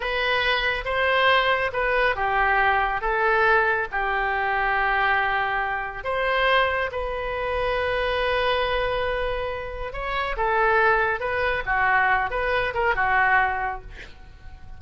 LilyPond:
\new Staff \with { instrumentName = "oboe" } { \time 4/4 \tempo 4 = 139 b'2 c''2 | b'4 g'2 a'4~ | a'4 g'2.~ | g'2 c''2 |
b'1~ | b'2. cis''4 | a'2 b'4 fis'4~ | fis'8 b'4 ais'8 fis'2 | }